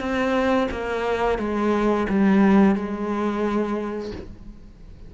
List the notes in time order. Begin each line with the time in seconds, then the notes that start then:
0.00 C4
0.71 A#3
1.39 G#3
2.09 G3
2.75 G#3